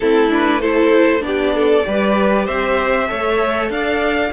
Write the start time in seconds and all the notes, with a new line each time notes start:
0.00 A3 C4 E4 A4
0.30 D4 B4
0.60 E4 A4 C5
1.20 B3 D4 D5
1.26 G4
1.54 A4
1.83 G3 G4 B4
2.45 C4 C5 E5
3.07 A3 A4 C#5
3.69 D4 D5 F5